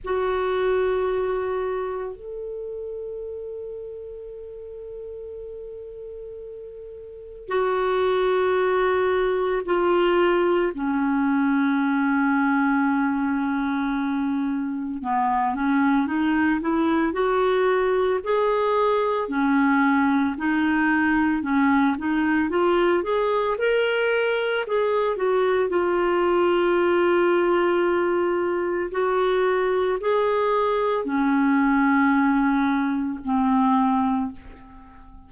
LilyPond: \new Staff \with { instrumentName = "clarinet" } { \time 4/4 \tempo 4 = 56 fis'2 a'2~ | a'2. fis'4~ | fis'4 f'4 cis'2~ | cis'2 b8 cis'8 dis'8 e'8 |
fis'4 gis'4 cis'4 dis'4 | cis'8 dis'8 f'8 gis'8 ais'4 gis'8 fis'8 | f'2. fis'4 | gis'4 cis'2 c'4 | }